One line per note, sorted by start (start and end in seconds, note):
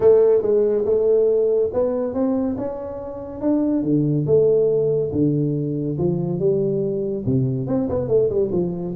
0.00 0.42 A3
0.42 0.84 G#3
0.85 1.70 A3
1.73 2.14 B3
2.14 2.56 C4
2.57 3.41 C#4
3.41 3.83 D4
3.83 4.25 D3
4.26 5.11 A3
5.12 5.97 D3
5.98 6.39 F3
6.39 7.24 G3
7.25 7.67 C3
7.67 7.88 C4
7.89 8.08 B3
8.08 8.29 A3
8.29 8.50 G3
8.52 8.94 F3